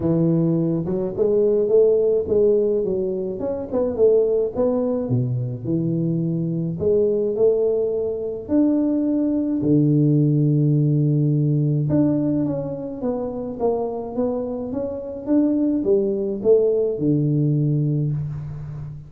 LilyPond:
\new Staff \with { instrumentName = "tuba" } { \time 4/4 \tempo 4 = 106 e4. fis8 gis4 a4 | gis4 fis4 cis'8 b8 a4 | b4 b,4 e2 | gis4 a2 d'4~ |
d'4 d2.~ | d4 d'4 cis'4 b4 | ais4 b4 cis'4 d'4 | g4 a4 d2 | }